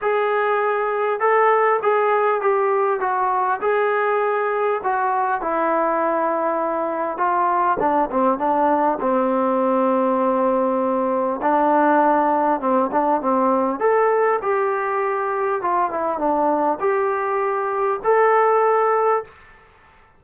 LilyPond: \new Staff \with { instrumentName = "trombone" } { \time 4/4 \tempo 4 = 100 gis'2 a'4 gis'4 | g'4 fis'4 gis'2 | fis'4 e'2. | f'4 d'8 c'8 d'4 c'4~ |
c'2. d'4~ | d'4 c'8 d'8 c'4 a'4 | g'2 f'8 e'8 d'4 | g'2 a'2 | }